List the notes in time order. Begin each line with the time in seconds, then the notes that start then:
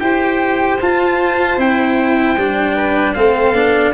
0.00 E4 G4 C5 G5
0.82 F4 A5
1.58 C4 E4 G5
2.37 G3 D4
2.75 B4
3.14 A3 C4 A4 F5
3.53 B3 D4